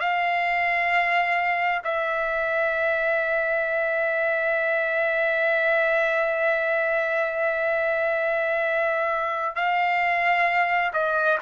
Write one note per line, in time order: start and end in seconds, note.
0.00 1.82 F5
1.84 9.55 E5
9.55 10.91 F5
10.93 11.38 D#5